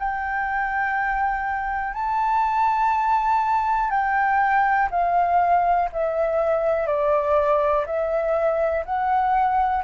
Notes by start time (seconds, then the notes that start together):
0.00 G5
1.94 A5
3.91 G5
4.91 F5
5.93 E5
6.87 D5
7.86 E5
8.86 F#5